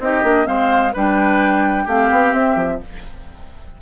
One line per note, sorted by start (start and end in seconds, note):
0.00 0.23 C4
0.00 0.23 D#4
0.00 0.48 G4
0.00 0.47 D#5
0.23 0.47 A#3
0.23 0.45 D4
0.45 0.95 G#3
0.45 0.92 C4
0.45 0.93 C5
0.45 0.94 F5
0.93 1.87 G3
0.93 1.88 D4
0.93 1.85 B4
0.93 1.89 G5
1.85 2.11 A3
1.85 2.82 C4
1.85 2.78 G4
1.85 2.34 F5
2.11 2.34 B3
2.34 2.56 C4
2.34 2.81 E5
2.56 2.79 F3